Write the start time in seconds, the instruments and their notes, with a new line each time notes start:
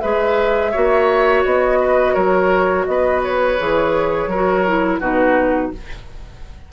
0.00 bassoon G#3, clarinet G#4, oboe B4, flute E5
0.71 bassoon A#3, clarinet F#4, oboe C#5
1.44 bassoon B3, flute D#5
1.80 oboe B4
2.14 bassoon F#3, oboe A#4, flute C#5
2.85 bassoon B3, oboe B4, flute D#5
3.23 flute C#5
3.59 bassoon E3, clarinet G#4
4.27 bassoon F#3, oboe A#4
4.35 clarinet F#4
4.67 clarinet E4
5.00 bassoon B2, clarinet D#4, oboe F#4, flute B4